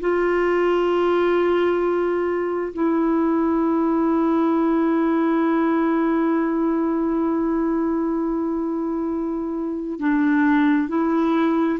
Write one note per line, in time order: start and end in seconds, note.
0.00 2.73 F4
2.73 9.99 E4
9.99 10.88 D4
10.88 11.79 E4